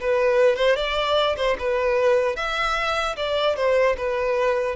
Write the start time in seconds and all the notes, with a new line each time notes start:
0.00 B4
0.56 C5
0.76 D5
1.36 C5
1.59 B4
2.36 E5
3.16 D5
3.56 C5
3.97 B4